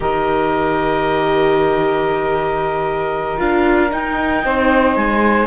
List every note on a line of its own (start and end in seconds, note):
0.00 3.40 D#3
0.00 3.37 G4
0.00 4.44 A#4
0.00 3.39 D#5
3.37 3.91 D4
3.37 3.89 F4
3.37 3.91 F5
3.90 5.46 D#4
3.90 4.44 D#4
3.90 4.96 G5
4.44 4.96 C4
4.44 5.46 C5
4.96 5.46 G#3
4.96 5.46 G#5